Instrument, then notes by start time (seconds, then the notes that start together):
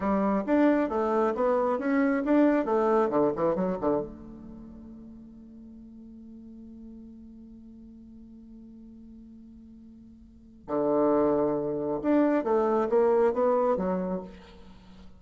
bassoon
0.00 G3
0.46 D4
0.89 A3
1.34 B3
1.78 C#4
2.24 D4
2.65 A3
3.09 D3
3.35 E3
3.55 F#3
3.81 D3
4.00 A3
10.67 D3
12.02 D4
12.44 A3
12.89 A#3
13.33 B3
13.76 F#3